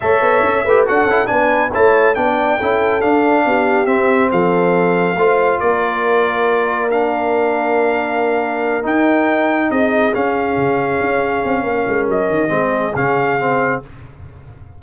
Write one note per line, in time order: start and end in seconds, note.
0.00 0.21 A3
0.00 0.65 A4
0.00 0.64 C#5
0.00 0.86 E5
0.21 0.42 B3
0.43 0.64 C#4
0.64 0.86 A3
0.64 0.86 G4
0.64 0.85 B4
0.85 1.04 D4
0.85 1.08 F#4
0.85 1.29 A4
0.85 1.26 F#5
1.04 1.26 C#4
1.04 1.26 E4
1.26 1.74 B3
1.26 1.69 D4
1.26 1.72 B4
1.26 1.70 G#5
1.72 2.16 A3
1.72 2.15 E4
1.72 2.15 C#5
1.72 2.14 A5
2.14 2.59 B3
2.14 2.58 D4
2.14 2.57 D5
2.14 3.01 G5
2.57 3.03 C#4
2.57 3.01 E4
2.57 3.43 A4
3.01 3.86 D4
3.01 3.45 D4
3.01 3.86 F5
3.45 3.86 B3
3.45 4.30 G4
3.86 4.29 C4
3.86 5.16 C4
3.86 4.29 E5
4.30 5.16 F3
4.30 5.16 A4
4.30 5.60 F5
5.16 5.59 A3
5.16 6.90 F4
5.16 5.59 C5
5.59 8.85 A#3
5.59 9.69 A#4
5.59 6.89 D5
6.90 8.82 D4
6.90 8.85 F5
8.82 10.12 D#4
8.82 9.70 D#4
8.82 9.70 G5
9.70 10.13 C4
9.70 11.64 G#4
9.70 10.13 D#5
10.14 12.48 C#4
10.14 10.56 C#4
10.14 12.09 F5
10.56 10.99 C#3
11.00 11.44 C#4
11.44 11.63 C4
11.63 11.84 A#3
11.63 12.52 A#4
11.87 12.07 G#3
12.07 12.29 F#3
12.07 12.95 D#5
12.29 12.50 D#3
12.48 12.93 G#3
12.48 12.91 C4
12.48 13.81 G#4
12.95 13.81 C#3
12.95 13.39 C#4
12.95 13.81 F5
13.39 13.82 C4